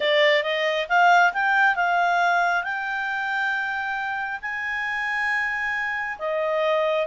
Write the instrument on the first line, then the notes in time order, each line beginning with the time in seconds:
clarinet
0.00 D5
0.43 D#5
0.88 F5
1.33 G5
1.75 F5
2.63 G5
4.41 G#5
6.18 D#5